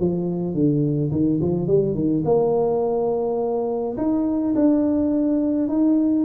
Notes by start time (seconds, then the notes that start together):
0.00 F3
0.54 D3
1.12 D#3
1.42 F3
1.68 G3
1.95 D#3
2.25 A#3
3.97 D#4
4.56 D4
5.69 D#4